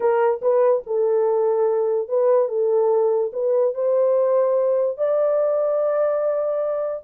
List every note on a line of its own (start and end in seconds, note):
0.00 0.40 A#4
0.41 0.83 B4
0.86 2.08 A4
2.08 2.48 B4
2.48 3.31 A4
3.33 3.74 B4
3.74 4.97 C5
4.97 7.03 D5